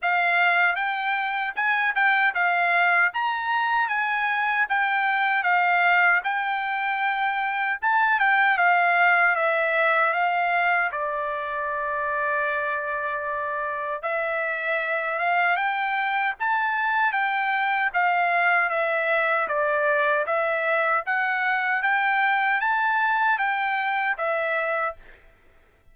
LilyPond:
\new Staff \with { instrumentName = "trumpet" } { \time 4/4 \tempo 4 = 77 f''4 g''4 gis''8 g''8 f''4 | ais''4 gis''4 g''4 f''4 | g''2 a''8 g''8 f''4 | e''4 f''4 d''2~ |
d''2 e''4. f''8 | g''4 a''4 g''4 f''4 | e''4 d''4 e''4 fis''4 | g''4 a''4 g''4 e''4 | }